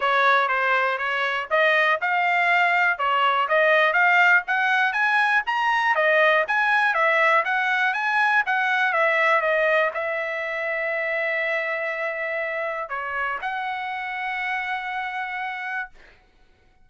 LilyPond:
\new Staff \with { instrumentName = "trumpet" } { \time 4/4 \tempo 4 = 121 cis''4 c''4 cis''4 dis''4 | f''2 cis''4 dis''4 | f''4 fis''4 gis''4 ais''4 | dis''4 gis''4 e''4 fis''4 |
gis''4 fis''4 e''4 dis''4 | e''1~ | e''2 cis''4 fis''4~ | fis''1 | }